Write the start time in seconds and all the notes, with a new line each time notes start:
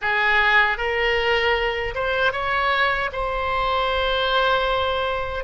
0.01 G#4
0.77 A#4
1.94 C5
2.32 C#5
3.12 C5